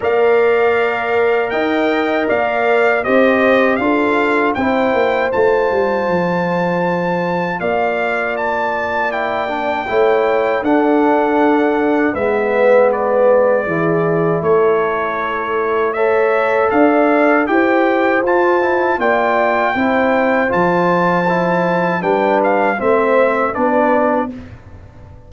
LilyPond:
<<
  \new Staff \with { instrumentName = "trumpet" } { \time 4/4 \tempo 4 = 79 f''2 g''4 f''4 | dis''4 f''4 g''4 a''4~ | a''2 f''4 a''4 | g''2 fis''2 |
e''4 d''2 cis''4~ | cis''4 e''4 f''4 g''4 | a''4 g''2 a''4~ | a''4 g''8 f''8 e''4 d''4 | }
  \new Staff \with { instrumentName = "horn" } { \time 4/4 d''2 dis''4 d''4 | c''4 a'4 c''2~ | c''2 d''2~ | d''4 cis''4 a'2 |
b'2 gis'4 a'4~ | a'4 cis''4 d''4 c''4~ | c''4 d''4 c''2~ | c''4 b'4 c''4 b'4 | }
  \new Staff \with { instrumentName = "trombone" } { \time 4/4 ais'1 | g'4 f'4 e'4 f'4~ | f'1 | e'8 d'8 e'4 d'2 |
b2 e'2~ | e'4 a'2 g'4 | f'8 e'8 f'4 e'4 f'4 | e'4 d'4 c'4 d'4 | }
  \new Staff \with { instrumentName = "tuba" } { \time 4/4 ais2 dis'4 ais4 | c'4 d'4 c'8 ais8 a8 g8 | f2 ais2~ | ais4 a4 d'2 |
gis2 e4 a4~ | a2 d'4 e'4 | f'4 ais4 c'4 f4~ | f4 g4 a4 b4 | }
>>